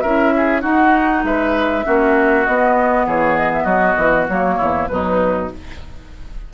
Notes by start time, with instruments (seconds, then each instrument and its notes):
0.00 bassoon C#4, clarinet E4, oboe A#4, flute E5
0.36 oboe G#4
0.61 clarinet D#4, bassoon D#4, oboe F#4, flute F#5
1.23 bassoon G#3, oboe B4, flute E5
1.84 bassoon A#3, clarinet C#4, oboe F#4
2.45 bassoon B3, clarinet B3, flute D#5
3.06 bassoon E3, oboe G#4, flute C#5
3.36 flute D#5
3.53 flute E5
3.63 bassoon F#3, oboe F#4, flute D#5
3.97 bassoon E3
4.28 bassoon F#3, clarinet A#3, flute C#5
4.57 bassoon E2, oboe E4
4.87 bassoon B2, clarinet F#3, oboe D#4, flute B4